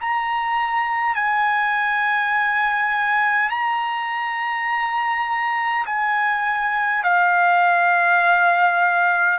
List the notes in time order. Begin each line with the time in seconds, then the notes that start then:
0.00 A#5
1.15 G#5
3.50 A#5
5.86 G#5
7.03 F5